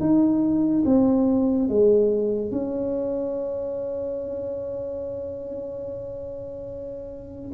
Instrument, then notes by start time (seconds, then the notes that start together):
tuba
0.00 D#4
0.85 C4
1.69 G#3
2.52 C#4